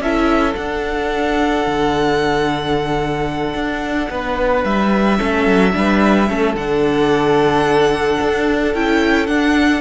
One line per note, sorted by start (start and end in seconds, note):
0.00 0.55 C#4
0.00 0.55 E4
0.00 4.12 A4
0.00 0.55 E5
0.55 5.18 D4
0.55 1.66 D4
0.55 4.65 F#5
1.67 3.55 D3
3.55 4.09 D4
4.11 4.65 B3
4.11 5.19 B4
4.65 5.19 G3
4.65 6.56 E5
5.18 5.47 A3
5.18 5.72 C#4
5.18 5.73 A4
5.47 5.75 F#3
5.73 6.30 G3
5.73 6.27 D4
5.73 6.29 B4
6.29 6.55 A3
6.29 6.56 C#4
6.29 9.81 A4
6.55 8.18 D3
6.55 8.76 D4
6.55 8.75 F#5
8.21 8.75 D4
8.75 9.29 C#4
8.75 9.28 E4
8.75 9.27 G5
9.27 9.81 D4
9.27 9.81 F#5